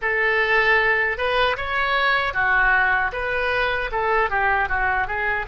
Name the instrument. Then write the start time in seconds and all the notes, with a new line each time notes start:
oboe
0.01 A4
1.17 B4
1.57 C#5
2.33 F#4
3.12 B4
3.91 A4
4.30 G4
4.68 F#4
5.06 G#4